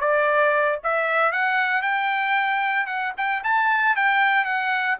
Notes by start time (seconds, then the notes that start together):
0.00 D5
0.83 E5
1.32 F#5
1.82 G5
2.87 F#5
3.17 G5
3.44 A5
3.96 G5
4.45 F#5